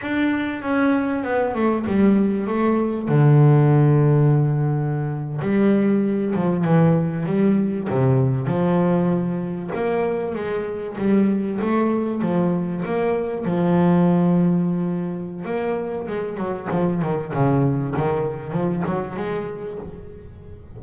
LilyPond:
\new Staff \with { instrumentName = "double bass" } { \time 4/4 \tempo 4 = 97 d'4 cis'4 b8 a8 g4 | a4 d2.~ | d8. g4. f8 e4 g16~ | g8. c4 f2 ais16~ |
ais8. gis4 g4 a4 f16~ | f8. ais4 f2~ f16~ | f4 ais4 gis8 fis8 f8 dis8 | cis4 dis4 f8 fis8 gis4 | }